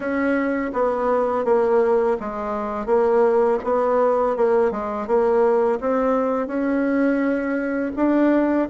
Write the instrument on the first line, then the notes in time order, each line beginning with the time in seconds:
bassoon
0.00 C#4
0.73 B3
1.45 A#3
2.20 G#3
2.86 A#3
3.64 B3
4.36 A#3
4.71 G#3
5.07 A#3
5.80 C4
6.47 C#4
7.96 D4